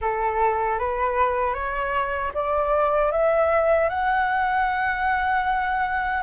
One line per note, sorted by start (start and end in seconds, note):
0.01 0.78 A4
0.78 1.54 B4
1.54 2.32 C#5
2.34 3.11 D5
3.11 3.89 E5
3.89 6.23 F#5